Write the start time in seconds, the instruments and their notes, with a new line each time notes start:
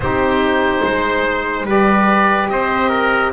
0.00 double bass C4, saxophone D#4, trumpet G4, oboe C5
0.83 double bass G#3, trumpet C5
1.65 double bass G3, saxophone G4, trumpet B4, oboe D5
2.49 double bass C4, trumpet C5, oboe D#5
2.89 trumpet A#4